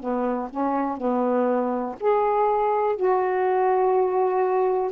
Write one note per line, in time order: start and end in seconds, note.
0.00 0.49 B3
0.50 0.97 C#4
0.97 1.95 B3
2.00 2.96 G#4
2.96 4.92 F#4